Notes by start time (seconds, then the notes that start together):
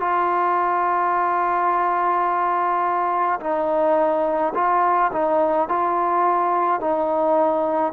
0.00 F4
3.40 D#4
4.54 F4
5.13 D#4
5.69 F4
6.80 D#4